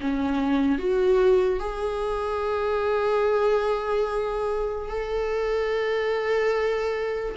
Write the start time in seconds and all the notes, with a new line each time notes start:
0.00 C#4
0.78 F#4
1.60 G#4
4.88 A4